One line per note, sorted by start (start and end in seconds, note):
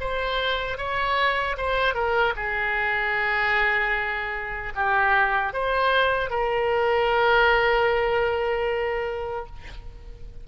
0.00 0.78 C5
0.78 1.57 C#5
1.58 1.94 C5
1.94 2.34 A#4
2.36 4.73 G#4
4.75 5.53 G4
5.53 6.31 C5
6.31 9.46 A#4